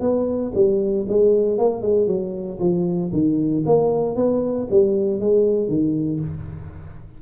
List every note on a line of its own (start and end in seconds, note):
0.00 0.52 B3
0.55 1.06 G3
1.09 1.58 G#3
1.58 1.82 A#3
1.82 2.07 G#3
2.07 2.59 F#3
2.59 3.11 F3
3.12 3.64 D#3
3.66 4.16 A#3
4.16 4.68 B3
4.70 5.20 G3
5.20 5.68 G#3
5.68 6.20 D#3